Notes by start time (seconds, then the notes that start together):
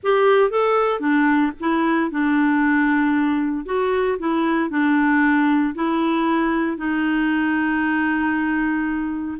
0.03 G4
0.50 A4
1.00 D4
1.59 E4
2.10 D4
3.65 F#4
4.18 E4
4.70 D4
5.75 E4
6.77 D#4